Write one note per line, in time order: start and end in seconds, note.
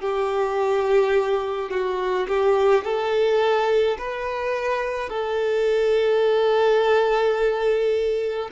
0.00 1.70 G4
1.70 2.27 F#4
2.27 2.84 G4
2.84 3.97 A4
3.98 5.09 B4
5.09 8.49 A4